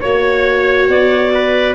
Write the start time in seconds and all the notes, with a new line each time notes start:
0.00 A#3 F#4 C#5
0.88 B3 D5
1.34 B4